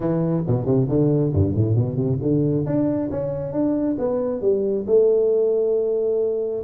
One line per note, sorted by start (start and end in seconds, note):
0.00 0.44 E3
0.47 0.65 B2
0.65 0.87 C3
0.88 1.32 D3
1.33 1.55 G2
1.55 1.75 A2
1.75 1.95 B2
1.95 2.17 C3
2.21 2.65 D3
2.66 3.10 D4
3.10 3.52 C#4
3.52 3.96 D4
3.98 4.41 B3
4.41 4.85 G3
4.86 6.63 A3